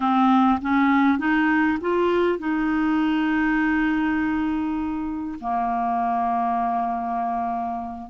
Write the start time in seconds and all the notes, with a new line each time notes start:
0.00 C4
0.61 C#4
1.18 D#4
1.80 F4
2.38 D#4
5.40 A#3